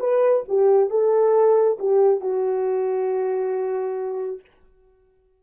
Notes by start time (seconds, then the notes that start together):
0.00 B4
0.49 G4
0.90 A4
1.79 G4
2.21 F#4